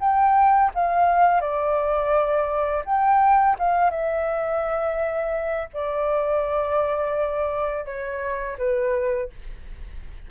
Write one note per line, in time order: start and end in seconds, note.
0.00 0.71 G5
0.75 1.41 F5
1.41 2.84 D5
2.85 3.57 G5
3.59 3.91 F5
3.91 5.69 E5
5.73 7.85 D5
7.85 8.57 C#5
8.58 9.30 B4